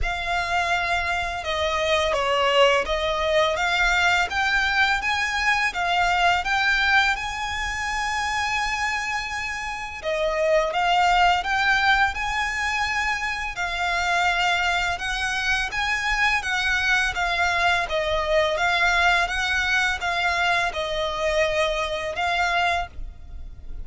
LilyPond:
\new Staff \with { instrumentName = "violin" } { \time 4/4 \tempo 4 = 84 f''2 dis''4 cis''4 | dis''4 f''4 g''4 gis''4 | f''4 g''4 gis''2~ | gis''2 dis''4 f''4 |
g''4 gis''2 f''4~ | f''4 fis''4 gis''4 fis''4 | f''4 dis''4 f''4 fis''4 | f''4 dis''2 f''4 | }